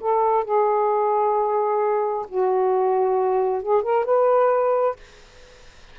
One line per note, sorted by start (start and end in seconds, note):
0.00 0.44 A4
0.44 2.26 G#4
2.28 3.62 F#4
3.62 3.82 G#4
3.82 4.05 A#4
4.05 4.96 B4